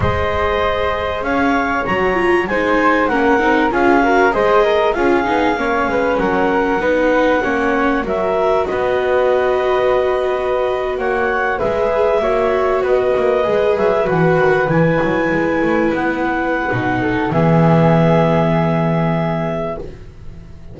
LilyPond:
<<
  \new Staff \with { instrumentName = "clarinet" } { \time 4/4 \tempo 4 = 97 dis''2 f''4 ais''4 | gis''4 fis''4 f''4 dis''4 | f''2 fis''2~ | fis''4 e''4 dis''2~ |
dis''4.~ dis''16 fis''4 e''4~ e''16~ | e''8. dis''4. e''8 fis''4 gis''16~ | gis''4.~ gis''16 fis''2~ fis''16 | e''1 | }
  \new Staff \with { instrumentName = "flute" } { \time 4/4 c''2 cis''2 | c''4 ais'4 gis'8 ais'8 c''8 ais'8 | gis'4 cis''8 b'8 ais'4 b'4 | cis''4 ais'4 b'2~ |
b'4.~ b'16 cis''4 b'4 cis''16~ | cis''8. b'2.~ b'16~ | b'2.~ b'8 a'8 | gis'1 | }
  \new Staff \with { instrumentName = "viola" } { \time 4/4 gis'2. fis'8 f'8 | dis'4 cis'8 dis'8 f'8 fis'8 gis'4 | f'8 dis'8 cis'2 dis'4 | cis'4 fis'2.~ |
fis'2~ fis'8. gis'4 fis'16~ | fis'4.~ fis'16 gis'4 fis'4 e'16~ | e'2. dis'4 | b1 | }
  \new Staff \with { instrumentName = "double bass" } { \time 4/4 gis2 cis'4 fis4 | gis4 ais8 c'8 cis'4 gis4 | cis'8 b8 ais8 gis8 fis4 b4 | ais4 fis4 b2~ |
b4.~ b16 ais4 gis4 ais16~ | ais8. b8 ais8 gis8 fis8 e8 dis8 e16~ | e16 fis8 gis8 a8 b4~ b16 b,4 | e1 | }
>>